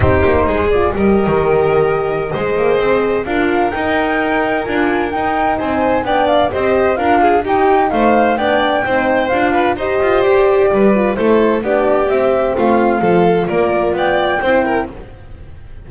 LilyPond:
<<
  \new Staff \with { instrumentName = "flute" } { \time 4/4 \tempo 4 = 129 c''4. d''8 dis''2~ | dis''2. f''4 | g''2 gis''4 g''4 | gis''4 g''8 f''8 dis''4 f''4 |
g''4 f''4 g''2 | f''4 dis''4 d''2 | c''4 d''4 e''4 f''4~ | f''4 d''4 g''2 | }
  \new Staff \with { instrumentName = "violin" } { \time 4/4 g'4 gis'4 ais'2~ | ais'4 c''2 ais'4~ | ais'1 | c''4 d''4 c''4 ais'8 gis'8 |
g'4 c''4 d''4 c''4~ | c''8 b'8 c''2 b'4 | a'4 g'2 f'4 | a'4 ais'4 d''4 c''8 ais'8 | }
  \new Staff \with { instrumentName = "horn" } { \time 4/4 dis'4. f'8 g'2~ | g'4 gis'2 f'4 | dis'2 f'4 dis'4~ | dis'4 d'4 g'4 f'4 |
dis'2 d'4 dis'4 | f'4 g'2~ g'8 f'8 | e'4 d'4 c'2 | f'2. e'4 | }
  \new Staff \with { instrumentName = "double bass" } { \time 4/4 c'8 ais8 gis4 g8. dis4~ dis16~ | dis4 gis8 ais8 c'4 d'4 | dis'2 d'4 dis'4 | c'4 b4 c'4 d'4 |
dis'4 a4 b4 c'4 | d'4 dis'8 f'8 g'4 g4 | a4 b4 c'4 a4 | f4 ais4 b4 c'4 | }
>>